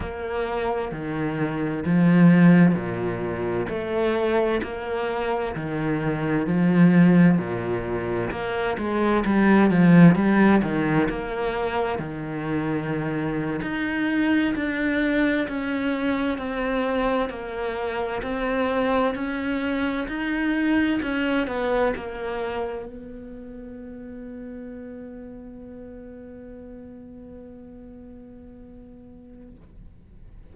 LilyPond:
\new Staff \with { instrumentName = "cello" } { \time 4/4 \tempo 4 = 65 ais4 dis4 f4 ais,4 | a4 ais4 dis4 f4 | ais,4 ais8 gis8 g8 f8 g8 dis8 | ais4 dis4.~ dis16 dis'4 d'16~ |
d'8. cis'4 c'4 ais4 c'16~ | c'8. cis'4 dis'4 cis'8 b8 ais16~ | ais8. b2.~ b16~ | b1 | }